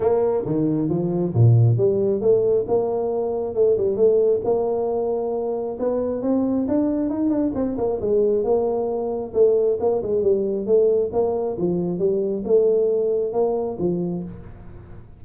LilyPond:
\new Staff \with { instrumentName = "tuba" } { \time 4/4 \tempo 4 = 135 ais4 dis4 f4 ais,4 | g4 a4 ais2 | a8 g8 a4 ais2~ | ais4 b4 c'4 d'4 |
dis'8 d'8 c'8 ais8 gis4 ais4~ | ais4 a4 ais8 gis8 g4 | a4 ais4 f4 g4 | a2 ais4 f4 | }